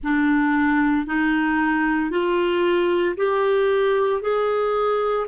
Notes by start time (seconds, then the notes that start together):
0.02 D4
1.06 D#4
2.10 F4
3.16 G4
4.21 G#4